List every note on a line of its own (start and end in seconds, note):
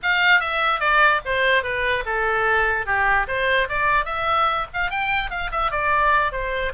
0.02 0.40 F5
0.40 0.80 E5
0.80 1.20 D5
1.25 1.63 C5
1.63 2.04 B4
2.05 2.86 A4
2.86 3.26 G4
3.27 3.68 C5
3.68 4.05 D5
4.05 4.66 E5
4.73 4.90 F5
4.90 5.30 G5
5.30 5.50 F5
5.51 5.71 E5
5.71 6.32 D5
6.32 6.73 C5